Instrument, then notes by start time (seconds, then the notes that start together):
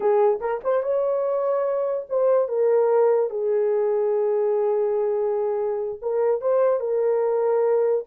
horn
0.00 G#4
0.40 A#4
0.63 C5
0.82 C#5
2.09 C5
2.48 A#4
3.30 G#4
6.01 A#4
6.41 C5
6.80 A#4